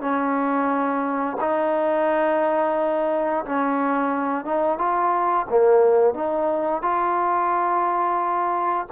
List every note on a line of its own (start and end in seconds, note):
0.00 1.36 C#4
1.40 3.45 D#4
3.45 4.44 C#4
4.44 4.78 D#4
4.78 5.46 F4
5.49 6.14 A#3
6.14 6.82 D#4
6.82 8.86 F4